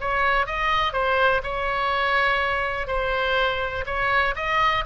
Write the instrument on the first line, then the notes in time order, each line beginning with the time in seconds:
oboe
0.00 C#5
0.46 D#5
0.93 C5
1.43 C#5
2.87 C5
3.86 C#5
4.35 D#5